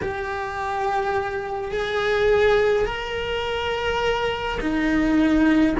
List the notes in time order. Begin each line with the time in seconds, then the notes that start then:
0.02 G4
1.71 G#4
2.85 A#4
4.60 D#4